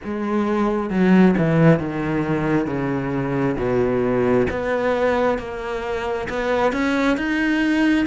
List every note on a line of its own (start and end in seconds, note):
0.04 0.90 G#3
0.90 1.34 F#3
1.37 1.79 E3
1.79 2.66 D#3
2.66 3.56 C#3
3.57 4.47 B2
4.50 5.38 B3
5.38 6.28 A#3
6.29 6.72 B3
6.72 7.16 C#4
7.16 8.06 D#4